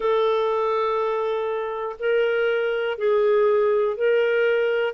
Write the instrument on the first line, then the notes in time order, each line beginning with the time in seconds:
clarinet
0.00 A4
1.99 A#4
2.98 G#4
3.96 A#4